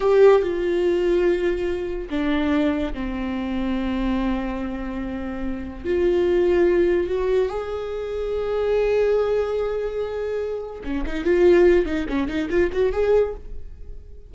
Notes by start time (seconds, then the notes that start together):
0.00 G4
0.42 F4
2.09 D4
2.93 C4
5.84 F4
7.07 F#4
7.48 G#4
10.84 C#4
11.06 D#4
11.24 F4
11.85 D#4
12.08 C#4
12.28 D#4
12.49 F4
12.72 F#4
12.92 G#4